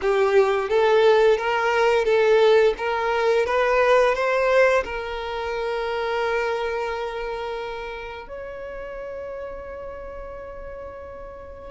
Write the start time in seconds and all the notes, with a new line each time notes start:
0.01 G4
0.69 A4
1.37 A#4
2.05 A4
2.77 A#4
3.46 B4
4.14 C5
4.84 A#4
8.28 C#5